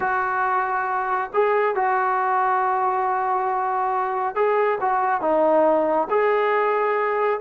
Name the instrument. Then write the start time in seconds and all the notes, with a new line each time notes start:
trombone
0.00 F#4
1.33 G#4
1.75 F#4
4.35 G#4
4.80 F#4
5.21 D#4
6.09 G#4